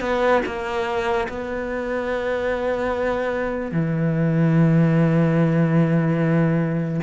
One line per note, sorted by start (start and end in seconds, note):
0.00 0.41 B3
0.46 1.28 A#3
1.29 3.71 B3
3.71 7.00 E3